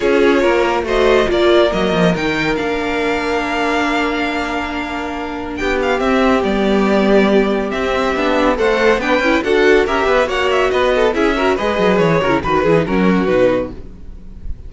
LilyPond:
<<
  \new Staff \with { instrumentName = "violin" } { \time 4/4 \tempo 4 = 140 cis''2 dis''4 d''4 | dis''4 g''4 f''2~ | f''1~ | f''4 g''8 f''8 e''4 d''4~ |
d''2 e''2 | fis''4 g''4 fis''4 e''4 | fis''8 e''8 dis''4 e''4 dis''4 | cis''4 b'8 gis'8 ais'4 b'4 | }
  \new Staff \with { instrumentName = "violin" } { \time 4/4 gis'4 ais'4 c''4 ais'4~ | ais'1~ | ais'1~ | ais'4 g'2.~ |
g'1 | c''4 b'4 a'4 ais'8 b'8 | cis''4 b'8 a'8 gis'8 ais'8 b'4~ | b'8 ais'8 b'4 fis'2 | }
  \new Staff \with { instrumentName = "viola" } { \time 4/4 f'2 fis'4 f'4 | ais4 dis'4 d'2~ | d'1~ | d'2 c'4 b4~ |
b2 c'4 d'4 | a'4 d'8 e'8 fis'4 g'4 | fis'2 e'8 fis'8 gis'4~ | gis'8 fis'16 e'16 fis'8 e'16 dis'16 cis'4 dis'4 | }
  \new Staff \with { instrumentName = "cello" } { \time 4/4 cis'4 ais4 a4 ais4 | fis8 f8 dis4 ais2~ | ais1~ | ais4 b4 c'4 g4~ |
g2 c'4 b4 | a4 b8 cis'8 d'4 cis'8 b8 | ais4 b4 cis'4 gis8 fis8 | e8 cis8 dis8 e8 fis4 b,4 | }
>>